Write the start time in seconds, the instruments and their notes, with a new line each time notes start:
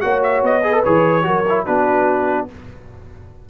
0.00 tuba A#3, trombone F#4, horn C#5, trumpet F#5
0.23 trumpet E5
0.42 tuba B3, trumpet D#5
0.63 trombone G#4, horn B4
0.73 trombone A4
0.83 tuba E3, trombone G#4, trumpet C#5
1.22 tuba F#3, trombone F#4, horn A#4
1.48 trombone E4
1.65 tuba B3, trombone D4, horn F#4, trumpet B4